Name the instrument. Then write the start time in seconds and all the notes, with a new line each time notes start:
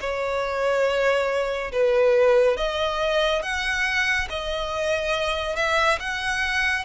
violin
0.00 C#5
1.72 B4
2.57 D#5
3.42 F#5
4.29 D#5
5.56 E5
6.00 F#5